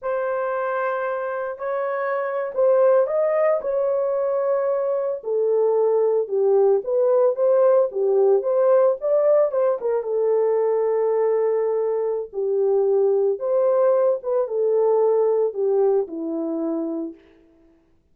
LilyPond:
\new Staff \with { instrumentName = "horn" } { \time 4/4 \tempo 4 = 112 c''2. cis''4~ | cis''8. c''4 dis''4 cis''4~ cis''16~ | cis''4.~ cis''16 a'2 g'16~ | g'8. b'4 c''4 g'4 c''16~ |
c''8. d''4 c''8 ais'8 a'4~ a'16~ | a'2. g'4~ | g'4 c''4. b'8 a'4~ | a'4 g'4 e'2 | }